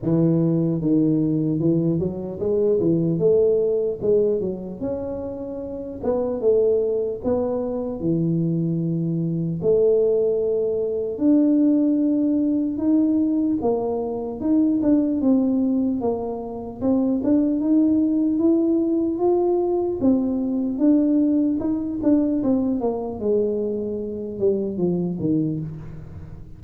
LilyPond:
\new Staff \with { instrumentName = "tuba" } { \time 4/4 \tempo 4 = 75 e4 dis4 e8 fis8 gis8 e8 | a4 gis8 fis8 cis'4. b8 | a4 b4 e2 | a2 d'2 |
dis'4 ais4 dis'8 d'8 c'4 | ais4 c'8 d'8 dis'4 e'4 | f'4 c'4 d'4 dis'8 d'8 | c'8 ais8 gis4. g8 f8 dis8 | }